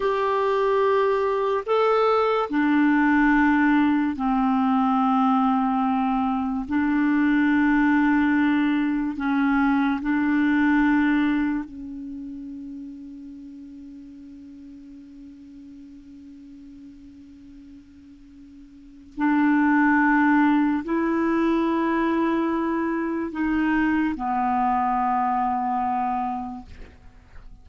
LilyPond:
\new Staff \with { instrumentName = "clarinet" } { \time 4/4 \tempo 4 = 72 g'2 a'4 d'4~ | d'4 c'2. | d'2. cis'4 | d'2 cis'2~ |
cis'1~ | cis'2. d'4~ | d'4 e'2. | dis'4 b2. | }